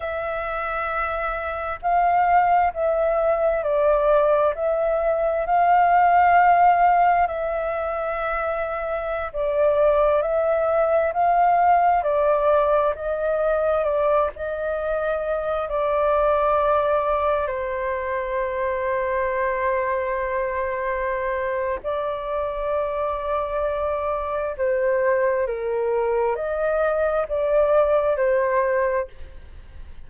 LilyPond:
\new Staff \with { instrumentName = "flute" } { \time 4/4 \tempo 4 = 66 e''2 f''4 e''4 | d''4 e''4 f''2 | e''2~ e''16 d''4 e''8.~ | e''16 f''4 d''4 dis''4 d''8 dis''16~ |
dis''4~ dis''16 d''2 c''8.~ | c''1 | d''2. c''4 | ais'4 dis''4 d''4 c''4 | }